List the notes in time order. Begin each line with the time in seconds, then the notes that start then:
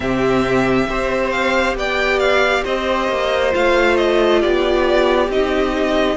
0.00 C3 C4 G4 E5
0.88 C4 G4 C5
1.31 F5
1.75 B3 D5 G5
2.19 F5
2.63 C4 C5 D#5
3.08 A#3
3.51 A3 F4 F5
3.97 D#5
4.40 B3 G4 D5
5.28 C4 D#4 D#5